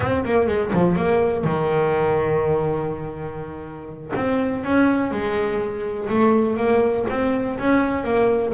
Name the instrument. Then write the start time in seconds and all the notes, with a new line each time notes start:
double bass
0.00 C4
0.24 A#3
0.47 G#3
0.73 F3
0.96 A#3
1.44 D#3
4.15 C4
4.64 C#4
5.11 G#3
6.09 A3
6.57 A#3
7.09 C4
7.59 C#4
8.04 A#3